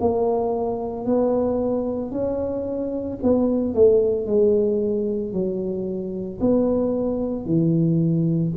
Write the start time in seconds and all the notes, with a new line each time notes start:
0.00 A#3
1.05 B3
2.11 C#4
3.22 B3
3.74 A3
4.26 G#3
5.32 F#3
6.40 B3
7.45 E3